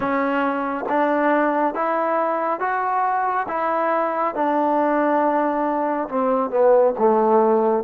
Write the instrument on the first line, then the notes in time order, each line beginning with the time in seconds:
trombone
0.00 C#4
0.89 D4
1.74 E4
2.60 F#4
3.47 E4
4.34 D4
6.08 C4
6.50 B3
6.98 A3